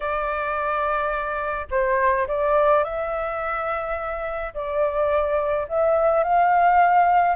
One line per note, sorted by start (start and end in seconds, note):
0.00 1.66 D5
1.70 2.27 C5
2.27 2.84 D5
2.84 4.53 E5
4.54 5.67 D5
5.68 6.23 E5
6.23 7.35 F5